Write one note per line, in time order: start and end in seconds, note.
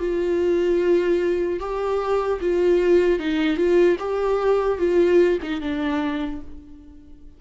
0.00 1.60 F4
1.60 2.40 G4
2.41 3.20 F4
3.20 3.57 D#4
3.57 3.97 F4
4.00 4.79 G4
4.79 5.39 F4
5.43 5.61 D#4
5.61 6.41 D4